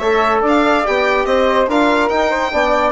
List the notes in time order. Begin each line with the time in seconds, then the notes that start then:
0.00 A3 A4 C#5 E5
0.42 D4 D5
0.49 F5
0.86 B3 G4 G5
1.26 C4 C5 D#5
1.68 D4 F4 A#4 F5
2.09 D#4 G5
2.30 C5
2.52 B3 D4 D5